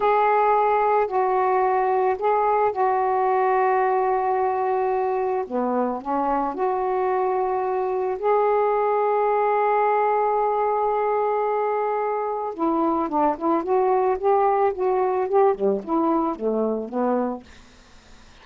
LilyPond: \new Staff \with { instrumentName = "saxophone" } { \time 4/4 \tempo 4 = 110 gis'2 fis'2 | gis'4 fis'2.~ | fis'2 b4 cis'4 | fis'2. gis'4~ |
gis'1~ | gis'2. e'4 | d'8 e'8 fis'4 g'4 fis'4 | g'8 g8 e'4 a4 b4 | }